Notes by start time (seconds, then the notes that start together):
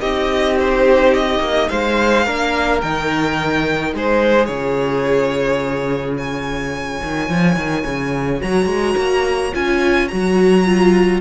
0.00 C4 D#4 G4 D#5
0.60 C5
1.15 D#5
1.40 A#3
1.69 G#3 C5 F5
2.26 A#3 D4 A#4
2.82 D#3 D#4 G5
3.94 G#3 G#4 C5
4.46 C#3 F4 C#5
6.17 C#5 G#5
7.03 D#3
7.30 F3
7.57 D#3
7.86 C#3
8.40 F#3 F#4 A#5
8.67 G#3
8.98 A#3
9.54 C#4 F4 G#5
10.09 F#3 F#4 A#5
10.66 F4